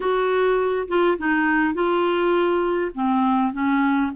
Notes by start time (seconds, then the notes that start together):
0.00 F#4
0.88 F4
1.18 D#4
1.74 F4
2.94 C4
3.52 C#4